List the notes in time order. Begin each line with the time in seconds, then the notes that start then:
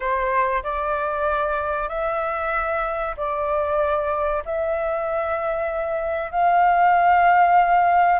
0.00 C5
0.63 D5
1.88 E5
3.16 D5
4.45 E5
6.31 F5